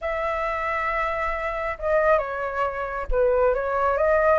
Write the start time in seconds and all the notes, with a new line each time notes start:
0.01 E5
1.78 D#5
2.18 C#5
3.11 B4
3.54 C#5
3.97 D#5